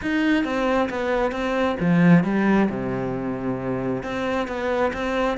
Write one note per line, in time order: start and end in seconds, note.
0.02 0.44 D#4
0.44 0.89 C4
0.89 1.31 B3
1.31 1.76 C4
1.80 2.24 F3
2.24 2.68 G3
2.69 4.03 C3
4.03 4.47 C4
4.47 4.92 B3
4.93 5.37 C4